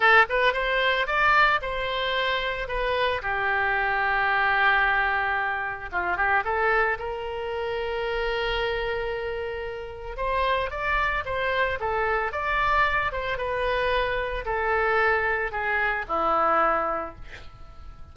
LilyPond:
\new Staff \with { instrumentName = "oboe" } { \time 4/4 \tempo 4 = 112 a'8 b'8 c''4 d''4 c''4~ | c''4 b'4 g'2~ | g'2. f'8 g'8 | a'4 ais'2.~ |
ais'2. c''4 | d''4 c''4 a'4 d''4~ | d''8 c''8 b'2 a'4~ | a'4 gis'4 e'2 | }